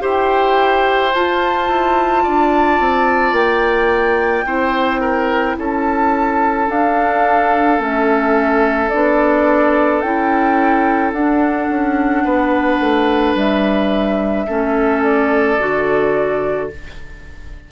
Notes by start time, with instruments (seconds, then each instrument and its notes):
0.00 bassoon E4, clarinet G4, oboe C5, flute G5
1.14 bassoon F4, clarinet F4, flute A5
1.68 bassoon E4
2.23 bassoon D4, oboe D5
2.80 bassoon C4
3.32 bassoon A#3, flute G5
4.45 bassoon C4, clarinet E4, oboe C5
5.00 oboe A#4
5.58 bassoon C#4, oboe A4, flute A5
6.68 clarinet D4, bassoon D4, flute F5
7.78 bassoon A3, clarinet C#4, flute E5
8.90 bassoon B3, clarinet D4, flute D5
10.00 bassoon C#4, clarinet E4, flute G5
11.13 bassoon D4, clarinet D4, flute F#5
11.69 bassoon C#4
12.24 bassoon B3, oboe B4
12.80 bassoon A3
13.35 bassoon G3, flute E5
14.47 bassoon A3, clarinet C#4, oboe A4
15.03 flute D5
15.59 bassoon D3, clarinet F#4